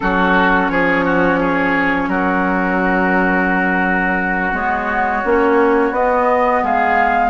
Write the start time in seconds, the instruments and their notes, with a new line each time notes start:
0.00 bassoon F#3, clarinet C#4, oboe F#4, flute A4
0.69 bassoon F3, oboe G#4, flute C#5
1.04 oboe F#4
1.40 oboe G#4
2.08 bassoon F#3, oboe F#4, flute A#4
4.52 bassoon G#3, clarinet B3, flute C#5
5.24 bassoon A#3, clarinet C#4
5.91 bassoon B3, clarinet B3, flute D#5
6.63 bassoon G#3, oboe G#4, flute F5